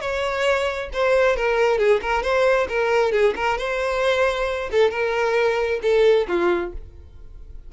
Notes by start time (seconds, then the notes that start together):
0.00 C#5
0.93 C5
1.36 A#4
1.78 G#4
2.01 A#4
2.22 C5
2.68 A#4
3.12 G#4
3.35 A#4
3.58 C5
4.71 A4
4.90 A#4
5.82 A4
6.27 F4